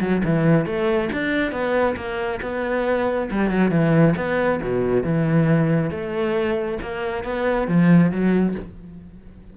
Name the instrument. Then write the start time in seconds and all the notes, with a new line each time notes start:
cello
0.00 F#3
0.24 E3
0.66 A3
1.13 D4
1.52 B3
1.96 A#3
2.42 B3
3.31 G3
3.50 F#3
3.71 E3
4.17 B3
4.63 B2
5.03 E3
5.90 A3
6.82 A#3
7.24 B3
7.68 F3
8.11 F#3